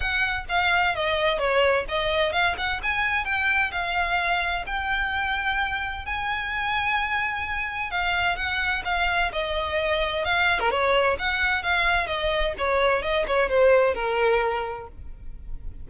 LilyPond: \new Staff \with { instrumentName = "violin" } { \time 4/4 \tempo 4 = 129 fis''4 f''4 dis''4 cis''4 | dis''4 f''8 fis''8 gis''4 g''4 | f''2 g''2~ | g''4 gis''2.~ |
gis''4 f''4 fis''4 f''4 | dis''2 f''8. ais'16 cis''4 | fis''4 f''4 dis''4 cis''4 | dis''8 cis''8 c''4 ais'2 | }